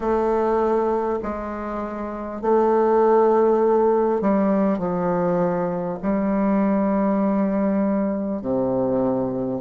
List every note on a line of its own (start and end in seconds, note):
0.00 1.19 A3
1.22 2.41 G#3
2.41 4.21 A3
4.21 4.78 G3
4.78 5.98 F3
6.02 8.41 G3
8.41 9.61 C3